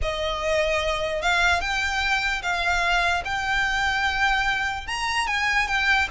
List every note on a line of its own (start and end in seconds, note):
0.01 1.22 D#5
1.22 1.61 F5
1.61 2.42 G5
2.42 3.23 F5
3.25 4.87 G5
4.87 5.27 A#5
5.27 5.67 G#5
5.67 6.08 G5